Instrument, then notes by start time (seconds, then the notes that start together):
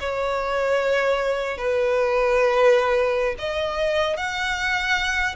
violin
0.00 C#5
1.58 B4
3.38 D#5
4.16 F#5